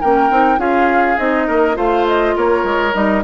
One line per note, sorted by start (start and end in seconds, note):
0.00 0.30 A#3
0.00 0.30 C#4
0.00 0.59 A#4
0.00 0.59 G5
0.30 0.58 C4
0.30 0.57 D#4
0.57 1.17 C#4
0.57 1.16 F4
0.57 1.46 G#4
0.57 1.18 F5
1.17 1.48 C4
1.17 1.74 D#4
1.17 1.77 D#5
1.46 1.77 A#3
1.46 1.76 A#4
1.74 2.35 A3
1.74 2.92 F4
1.74 2.35 C5
1.74 2.06 F5
2.07 2.36 D#5
2.35 2.63 A#3
2.35 3.23 A#4
2.35 2.94 C#5
2.63 2.93 G#3
2.93 3.23 G3
2.93 3.22 D#4
2.93 3.23 D#5